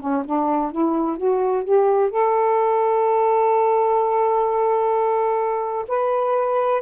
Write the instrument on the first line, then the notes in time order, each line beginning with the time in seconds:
saxophone
0.00 C#4
0.25 D4
0.72 E4
1.17 F#4
1.64 G4
2.10 A4
5.88 B4